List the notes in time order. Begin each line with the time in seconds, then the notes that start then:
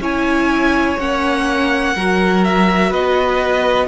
0.00 C#4 E4 C#5 G#5
0.99 A#3 C#4 F#5
1.95 F#3 F#4 A#4
2.44 E5
2.90 B3 B4 D#5